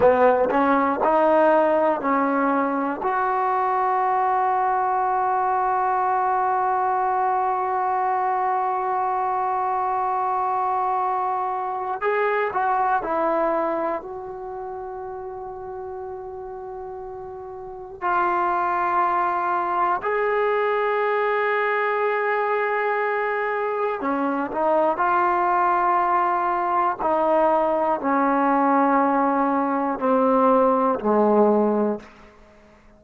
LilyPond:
\new Staff \with { instrumentName = "trombone" } { \time 4/4 \tempo 4 = 60 b8 cis'8 dis'4 cis'4 fis'4~ | fis'1~ | fis'1 | gis'8 fis'8 e'4 fis'2~ |
fis'2 f'2 | gis'1 | cis'8 dis'8 f'2 dis'4 | cis'2 c'4 gis4 | }